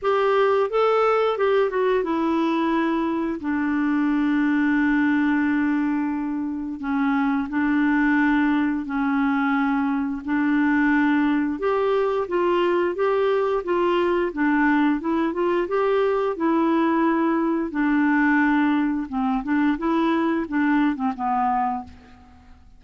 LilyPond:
\new Staff \with { instrumentName = "clarinet" } { \time 4/4 \tempo 4 = 88 g'4 a'4 g'8 fis'8 e'4~ | e'4 d'2.~ | d'2 cis'4 d'4~ | d'4 cis'2 d'4~ |
d'4 g'4 f'4 g'4 | f'4 d'4 e'8 f'8 g'4 | e'2 d'2 | c'8 d'8 e'4 d'8. c'16 b4 | }